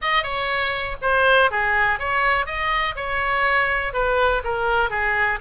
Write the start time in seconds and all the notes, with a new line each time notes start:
0.01 D#5
0.23 C#5
1.01 C5
1.50 G#4
1.99 C#5
2.45 D#5
2.95 C#5
3.93 B4
4.44 A#4
4.90 G#4